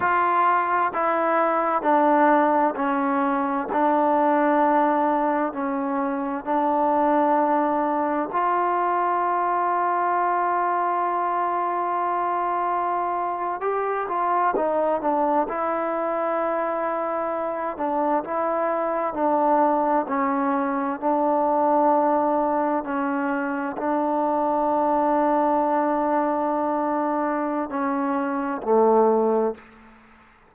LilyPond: \new Staff \with { instrumentName = "trombone" } { \time 4/4 \tempo 4 = 65 f'4 e'4 d'4 cis'4 | d'2 cis'4 d'4~ | d'4 f'2.~ | f'2~ f'8. g'8 f'8 dis'16~ |
dis'16 d'8 e'2~ e'8 d'8 e'16~ | e'8. d'4 cis'4 d'4~ d'16~ | d'8. cis'4 d'2~ d'16~ | d'2 cis'4 a4 | }